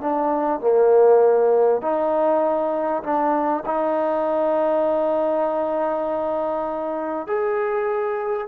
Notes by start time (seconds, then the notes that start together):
0.00 D4
0.60 A#3
1.81 D#4
3.02 D4
3.65 D#4
7.26 G#4